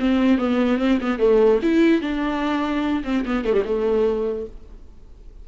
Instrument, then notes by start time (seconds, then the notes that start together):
viola
0.00 C4
0.38 B3
0.79 C4
1.01 B3
1.19 A3
1.63 E4
2.01 D4
3.04 C4
3.26 B3
3.45 A3
3.53 G3
3.65 A3